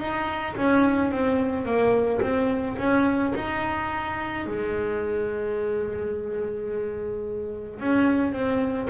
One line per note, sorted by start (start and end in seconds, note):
0.00 0.56 D#4
0.57 1.12 C#4
1.12 1.66 C4
1.66 2.21 A#3
2.22 2.77 C4
2.78 3.33 C#4
3.36 4.46 D#4
4.46 7.80 G#3
7.80 8.33 C#4
8.33 8.88 C4